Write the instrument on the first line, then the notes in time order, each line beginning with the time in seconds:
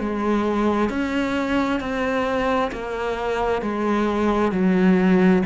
cello
0.00 G#3
0.90 C#4
1.81 C4
2.72 A#3
3.62 G#3
4.52 F#3